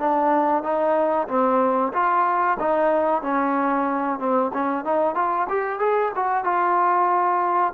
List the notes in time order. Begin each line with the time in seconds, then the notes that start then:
0.00 D4
0.64 D#4
1.28 C4
1.94 F4
2.60 D#4
3.23 C#4
4.20 C4
4.54 C#4
4.85 D#4
5.16 F4
5.49 G4
5.80 G#4
6.16 F#4
6.45 F4